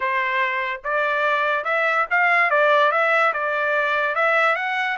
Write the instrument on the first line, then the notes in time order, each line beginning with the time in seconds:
trumpet
0.00 C5
0.84 D5
1.64 E5
2.10 F5
2.50 D5
2.91 E5
3.33 D5
4.15 E5
4.55 F#5